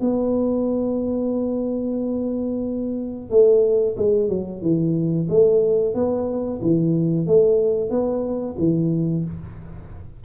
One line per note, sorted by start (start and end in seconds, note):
0.00 3.30 B3
3.30 3.96 A3
3.97 4.29 G#3
4.29 4.61 F#3
4.61 5.27 E3
5.29 5.94 A3
5.94 6.60 B3
6.61 7.26 E3
7.26 7.89 A3
7.89 8.55 B3
8.58 9.24 E3